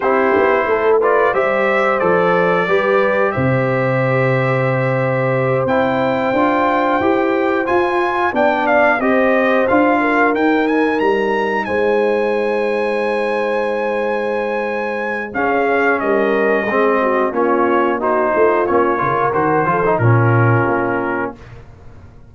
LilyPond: <<
  \new Staff \with { instrumentName = "trumpet" } { \time 4/4 \tempo 4 = 90 c''4. d''8 e''4 d''4~ | d''4 e''2.~ | e''8 g''2. gis''8~ | gis''8 g''8 f''8 dis''4 f''4 g''8 |
gis''8 ais''4 gis''2~ gis''8~ | gis''2. f''4 | dis''2 cis''4 c''4 | cis''4 c''4 ais'2 | }
  \new Staff \with { instrumentName = "horn" } { \time 4/4 g'4 a'8 b'8 c''2 | b'4 c''2.~ | c''1~ | c''8 d''4 c''4. ais'4~ |
ais'4. c''2~ c''8~ | c''2. gis'4 | ais'4 gis'8 fis'8 f'4 fis'8 f'8~ | f'8 ais'4 a'8 f'2 | }
  \new Staff \with { instrumentName = "trombone" } { \time 4/4 e'4. f'8 g'4 a'4 | g'1~ | g'8 e'4 f'4 g'4 f'8~ | f'8 d'4 g'4 f'4 dis'8~ |
dis'1~ | dis'2. cis'4~ | cis'4 c'4 cis'4 dis'4 | cis'8 f'8 fis'8 f'16 dis'16 cis'2 | }
  \new Staff \with { instrumentName = "tuba" } { \time 4/4 c'8 b8 a4 g4 f4 | g4 c2.~ | c8 c'4 d'4 e'4 f'8~ | f'8 b4 c'4 d'4 dis'8~ |
dis'8 g4 gis2~ gis8~ | gis2. cis'4 | g4 gis4 ais4. a8 | ais8 cis8 dis8 f8 ais,4 ais4 | }
>>